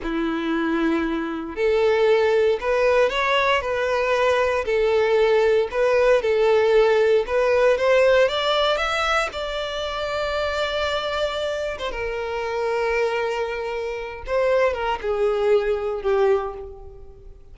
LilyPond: \new Staff \with { instrumentName = "violin" } { \time 4/4 \tempo 4 = 116 e'2. a'4~ | a'4 b'4 cis''4 b'4~ | b'4 a'2 b'4 | a'2 b'4 c''4 |
d''4 e''4 d''2~ | d''2~ d''8. c''16 ais'4~ | ais'2.~ ais'8 c''8~ | c''8 ais'8 gis'2 g'4 | }